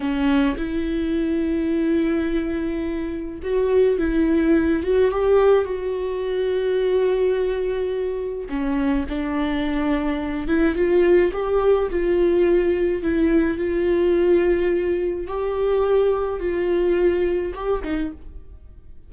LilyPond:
\new Staff \with { instrumentName = "viola" } { \time 4/4 \tempo 4 = 106 cis'4 e'2.~ | e'2 fis'4 e'4~ | e'8 fis'8 g'4 fis'2~ | fis'2. cis'4 |
d'2~ d'8 e'8 f'4 | g'4 f'2 e'4 | f'2. g'4~ | g'4 f'2 g'8 dis'8 | }